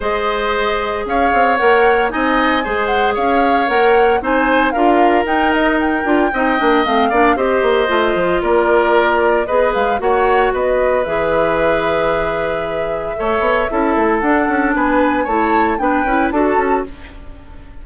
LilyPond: <<
  \new Staff \with { instrumentName = "flute" } { \time 4/4 \tempo 4 = 114 dis''2 f''4 fis''4 | gis''4. fis''8 f''4 fis''4 | gis''4 f''4 g''8 dis''8 g''4~ | g''4 f''4 dis''2 |
d''2 dis''8 f''8 fis''4 | dis''4 e''2.~ | e''2. fis''4 | gis''4 a''4 g''4 a''4 | }
  \new Staff \with { instrumentName = "oboe" } { \time 4/4 c''2 cis''2 | dis''4 c''4 cis''2 | c''4 ais'2. | dis''4. d''8 c''2 |
ais'2 b'4 cis''4 | b'1~ | b'4 cis''4 a'2 | b'4 cis''4 b'4 a'4 | }
  \new Staff \with { instrumentName = "clarinet" } { \time 4/4 gis'2. ais'4 | dis'4 gis'2 ais'4 | dis'4 f'4 dis'4. f'8 | dis'8 d'8 c'8 d'8 g'4 f'4~ |
f'2 gis'4 fis'4~ | fis'4 gis'2.~ | gis'4 a'4 e'4 d'4~ | d'4 e'4 d'8 e'8 fis'4 | }
  \new Staff \with { instrumentName = "bassoon" } { \time 4/4 gis2 cis'8 c'8 ais4 | c'4 gis4 cis'4 ais4 | c'4 d'4 dis'4. d'8 | c'8 ais8 a8 ais8 c'8 ais8 a8 f8 |
ais2 b8 gis8 ais4 | b4 e2.~ | e4 a8 b8 cis'8 a8 d'8 cis'8 | b4 a4 b8 cis'8 d'8 cis'8 | }
>>